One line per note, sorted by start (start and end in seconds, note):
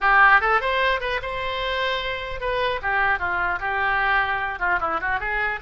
0.01 0.41 G4
0.41 0.61 A4
0.61 1.00 C5
1.00 1.20 B4
1.21 2.40 C5
2.40 2.80 B4
2.81 3.19 G4
3.19 3.59 F4
3.59 4.59 G4
4.59 4.79 F4
4.80 5.00 E4
5.01 5.19 F#4
5.19 5.59 G#4